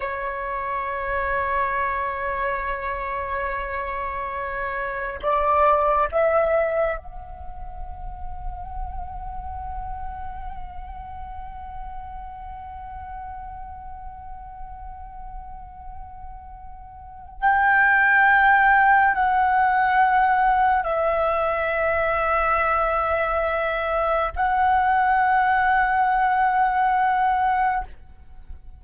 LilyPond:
\new Staff \with { instrumentName = "flute" } { \time 4/4 \tempo 4 = 69 cis''1~ | cis''2 d''4 e''4 | fis''1~ | fis''1~ |
fis''1 | g''2 fis''2 | e''1 | fis''1 | }